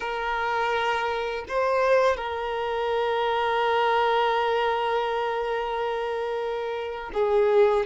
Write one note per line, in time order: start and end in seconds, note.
0.00 1.44 A#4
1.48 2.16 C5
2.16 7.10 A#4
7.13 7.86 G#4